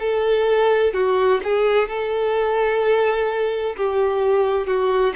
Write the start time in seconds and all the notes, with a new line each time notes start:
0.00 A4
0.94 F#4
1.44 G#4
1.88 A4
3.77 G4
4.67 F#4